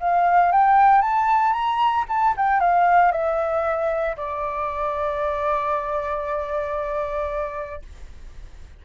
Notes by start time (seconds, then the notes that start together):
0.00 F5
0.52 G5
1.02 A5
1.53 A#5
2.08 A5
2.37 G5
2.60 F5
3.12 E5
4.17 D5